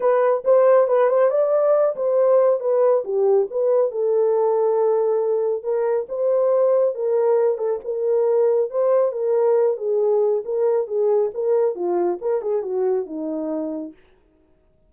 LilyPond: \new Staff \with { instrumentName = "horn" } { \time 4/4 \tempo 4 = 138 b'4 c''4 b'8 c''8 d''4~ | d''8 c''4. b'4 g'4 | b'4 a'2.~ | a'4 ais'4 c''2 |
ais'4. a'8 ais'2 | c''4 ais'4. gis'4. | ais'4 gis'4 ais'4 f'4 | ais'8 gis'8 fis'4 dis'2 | }